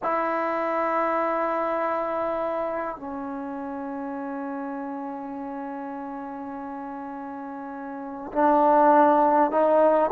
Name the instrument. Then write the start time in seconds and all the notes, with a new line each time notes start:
trombone
0.02 E4
2.96 C#4
8.32 D4
9.51 D#4